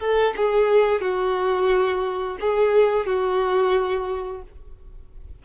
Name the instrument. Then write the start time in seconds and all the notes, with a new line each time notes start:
violin
0.00 A4
0.37 G#4
1.01 F#4
2.40 G#4
3.06 F#4